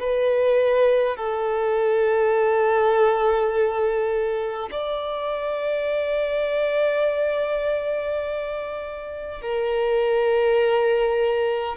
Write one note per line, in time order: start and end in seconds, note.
0.00 1.17 B4
1.17 4.70 A4
4.72 9.42 D5
9.42 11.77 A#4